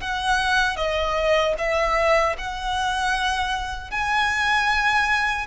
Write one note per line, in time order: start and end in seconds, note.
0.00 0.76 F#5
0.76 1.54 D#5
1.58 2.36 E5
2.38 3.90 F#5
3.90 5.46 G#5